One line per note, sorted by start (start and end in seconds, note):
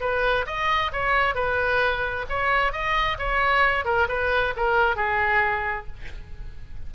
0.00 0.45 B4
0.46 0.92 D#5
0.92 1.35 C#5
1.35 2.25 B4
2.29 2.72 C#5
2.72 3.18 D#5
3.18 3.85 C#5
3.85 4.07 A#4
4.08 4.54 B4
4.56 4.96 A#4
4.96 5.87 G#4